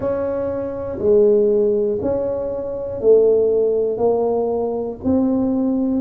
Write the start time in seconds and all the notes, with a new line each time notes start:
0.00 C#4
0.99 G#3
2.01 C#4
3.00 A3
3.97 A#3
5.04 C4